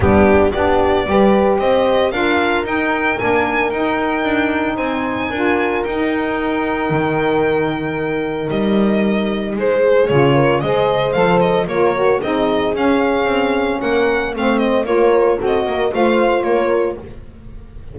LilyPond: <<
  \new Staff \with { instrumentName = "violin" } { \time 4/4 \tempo 4 = 113 g'4 d''2 dis''4 | f''4 g''4 gis''4 g''4~ | g''4 gis''2 g''4~ | g''1 |
dis''2 c''4 cis''4 | dis''4 f''8 dis''8 cis''4 dis''4 | f''2 fis''4 f''8 dis''8 | cis''4 dis''4 f''4 cis''4 | }
  \new Staff \with { instrumentName = "horn" } { \time 4/4 d'4 g'4 b'4 c''4 | ais'1~ | ais'4 c''4 ais'2~ | ais'1~ |
ais'2 gis'4. ais'8 | c''2 ais'4 gis'4~ | gis'2 ais'4 c''4 | ais'4 a'8 ais'8 c''4 ais'4 | }
  \new Staff \with { instrumentName = "saxophone" } { \time 4/4 b4 d'4 g'2 | f'4 dis'4 d'4 dis'4~ | dis'2 f'4 dis'4~ | dis'1~ |
dis'2. f'4 | gis'4 a'4 f'8 fis'8 dis'4 | cis'2. c'4 | f'4 fis'4 f'2 | }
  \new Staff \with { instrumentName = "double bass" } { \time 4/4 g4 b4 g4 c'4 | d'4 dis'4 ais4 dis'4 | d'4 c'4 d'4 dis'4~ | dis'4 dis2. |
g2 gis4 cis4 | gis4 f4 ais4 c'4 | cis'4 c'4 ais4 a4 | ais4 c'8 ais8 a4 ais4 | }
>>